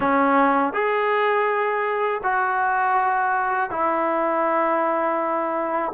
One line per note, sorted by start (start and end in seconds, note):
0.00 0.73 C#4
0.73 2.21 G#4
2.23 3.70 F#4
3.70 5.92 E4